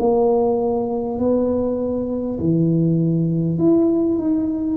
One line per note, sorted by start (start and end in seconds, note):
0.00 1.19 A#3
1.19 2.39 B3
2.39 3.59 E3
3.59 4.19 E4
4.19 4.77 D#4